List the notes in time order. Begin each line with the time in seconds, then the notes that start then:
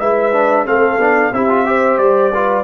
0.00 G#3 E4 B4 E5
0.33 D4
0.66 A3 C4 A4 F5
0.98 B3 D4
1.33 C4 E4 G4 E5
1.49 F4
1.66 G4 C5
1.98 G3 D5
2.34 F4 B4